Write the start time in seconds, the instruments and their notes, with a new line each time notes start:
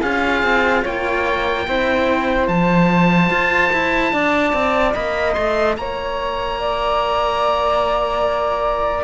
0.00 cello C#4 F4, flute G#4, oboe F5
0.43 cello C4
0.83 cello A#3, flute C#5, oboe G5
1.67 cello C4 E4, flute C5
2.47 cello F3 F4, oboe A5
3.30 cello F4
3.72 cello E4
4.13 cello D4, flute D5
4.53 cello C4
4.94 cello A#3, flute D#5, oboe B5
5.33 cello A3, oboe C6
5.77 cello A#3, flute C#5, oboe A#5
6.60 flute D5